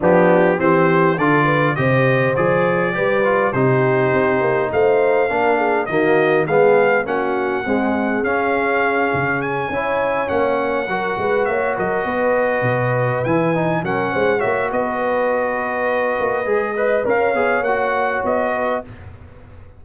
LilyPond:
<<
  \new Staff \with { instrumentName = "trumpet" } { \time 4/4 \tempo 4 = 102 g'4 c''4 d''4 dis''4 | d''2 c''2 | f''2 dis''4 f''4 | fis''2 f''2 |
gis''4. fis''2 e''8 | dis''2~ dis''8 gis''4 fis''8~ | fis''8 e''8 dis''2.~ | dis''4 f''4 fis''4 dis''4 | }
  \new Staff \with { instrumentName = "horn" } { \time 4/4 d'4 g'4 a'8 b'8 c''4~ | c''4 b'4 g'2 | c''4 ais'8 gis'8 fis'4 gis'4 | fis'4 gis'2.~ |
gis'8 cis''2 ais'8 b'8 cis''8 | ais'8 b'2. ais'8 | c''8 cis''8 b'2.~ | b'8 dis''8 cis''2~ cis''8 b'8 | }
  \new Staff \with { instrumentName = "trombone" } { \time 4/4 b4 c'4 f'4 g'4 | gis'4 g'8 f'8 dis'2~ | dis'4 d'4 ais4 b4 | cis'4 gis4 cis'2~ |
cis'8 e'4 cis'4 fis'4.~ | fis'2~ fis'8 e'8 dis'8 cis'8~ | cis'8 fis'2.~ fis'8 | gis'8 b'8 ais'8 gis'8 fis'2 | }
  \new Staff \with { instrumentName = "tuba" } { \time 4/4 f4 e4 d4 c4 | f4 g4 c4 c'8 ais8 | a4 ais4 dis4 gis4 | ais4 c'4 cis'4. cis8~ |
cis8 cis'4 ais4 fis8 gis8 ais8 | fis8 b4 b,4 e4 fis8 | gis8 ais8 b2~ b8 ais8 | gis4 cis'8 b8 ais4 b4 | }
>>